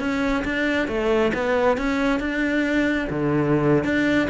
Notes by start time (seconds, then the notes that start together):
0.00 C#4
0.45 D4
0.88 A3
1.34 B3
1.78 C#4
2.20 D4
3.10 D3
3.84 D4